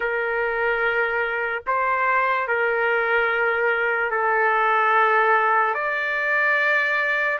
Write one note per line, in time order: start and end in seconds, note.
0.00 1.63 A#4
1.66 2.47 C5
2.47 4.10 A#4
4.10 5.74 A4
5.74 7.39 D5